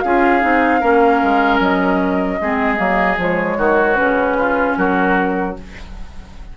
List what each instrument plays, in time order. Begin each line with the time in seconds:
0.00 bassoon C#4, clarinet F4, oboe G#4, flute F5
0.41 bassoon C4, clarinet D#4
0.80 bassoon A#3, clarinet C#4, oboe A#4
1.23 bassoon G#3
1.60 bassoon F#3, flute D#5
2.40 bassoon G#3, clarinet C4, oboe G#4
2.77 bassoon F#3, clarinet A#3
3.17 bassoon F3, clarinet G#3, flute C#5
3.58 bassoon D#3, oboe F#4
3.95 bassoon C#3, clarinet C#4, flute B4
4.39 oboe F4
4.77 bassoon F#3, oboe F#4, flute A#4